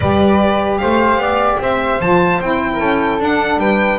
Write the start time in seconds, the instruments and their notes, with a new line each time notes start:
0.00 double bass G3, saxophone G4, flute B4, violin D5
0.78 double bass A3, flute C5, violin F5
1.17 double bass B3, flute D5
1.59 double bass C4, flute C5, violin E5
2.00 double bass F3, saxophone F4, violin A5
2.41 double bass C4, saxophone E4, violin G5
2.73 flute A#4
2.79 double bass C#4, flute A4
3.19 double bass D4, saxophone D4, violin F#5
3.57 double bass G3, flute B4, violin G5